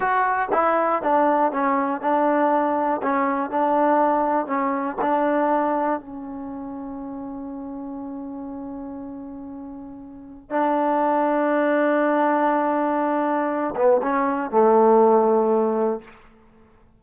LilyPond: \new Staff \with { instrumentName = "trombone" } { \time 4/4 \tempo 4 = 120 fis'4 e'4 d'4 cis'4 | d'2 cis'4 d'4~ | d'4 cis'4 d'2 | cis'1~ |
cis'1~ | cis'4 d'2.~ | d'2.~ d'8 b8 | cis'4 a2. | }